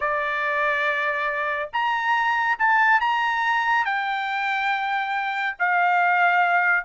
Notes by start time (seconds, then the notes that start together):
0.00 D5
1.72 A#5
2.59 A5
3.00 A#5
3.85 G5
5.58 F5